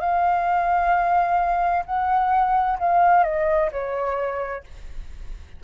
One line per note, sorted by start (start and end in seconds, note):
0.00 1.85 F5
1.86 2.78 F#5
2.79 3.24 F5
3.24 3.70 D#5
3.72 4.64 C#5